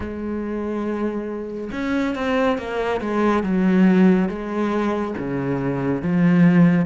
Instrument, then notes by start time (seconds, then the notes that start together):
cello
0.00 G#3
1.72 C#4
2.15 C4
2.58 A#3
3.00 G#3
3.43 F#3
4.28 G#3
5.17 C#3
6.02 F3